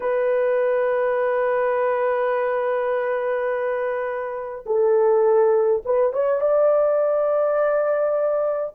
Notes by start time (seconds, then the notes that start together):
0.00 B4
4.66 A4
5.85 B4
6.12 C#5
6.41 D5